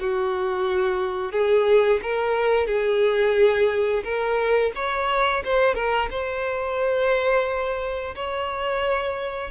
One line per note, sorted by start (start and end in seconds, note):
0.00 1.32 F#4
1.32 2.01 G#4
2.02 2.67 A#4
2.67 4.04 G#4
4.04 4.72 A#4
4.75 5.44 C#5
5.45 5.75 C5
5.75 6.09 A#4
6.11 8.15 C5
8.15 9.51 C#5